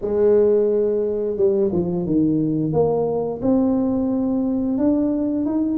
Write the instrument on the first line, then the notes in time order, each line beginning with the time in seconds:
tuba
0.01 G#3
1.36 G3
1.72 F3
2.06 D#3
2.72 A#3
3.42 C4
4.78 D4
5.45 D#4